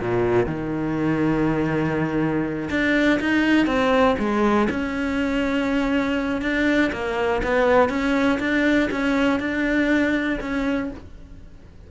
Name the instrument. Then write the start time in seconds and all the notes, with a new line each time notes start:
cello
0.00 A#2
0.46 D#3
2.70 D4
3.20 D#4
3.66 C4
4.19 G#3
4.70 C#4
6.41 D4
6.92 A#3
7.43 B3
7.89 C#4
8.39 D4
8.91 C#4
9.39 D4
10.41 C#4